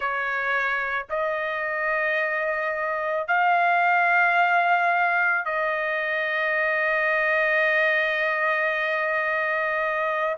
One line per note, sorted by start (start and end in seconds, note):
0.00 1.06 C#5
1.09 3.27 D#5
3.27 5.45 F5
5.45 10.36 D#5